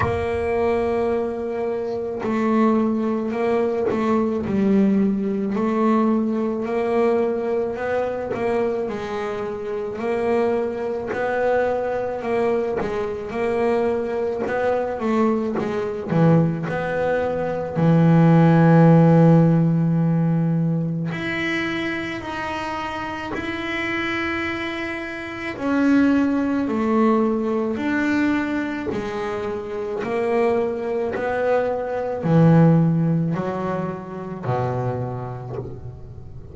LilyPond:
\new Staff \with { instrumentName = "double bass" } { \time 4/4 \tempo 4 = 54 ais2 a4 ais8 a8 | g4 a4 ais4 b8 ais8 | gis4 ais4 b4 ais8 gis8 | ais4 b8 a8 gis8 e8 b4 |
e2. e'4 | dis'4 e'2 cis'4 | a4 d'4 gis4 ais4 | b4 e4 fis4 b,4 | }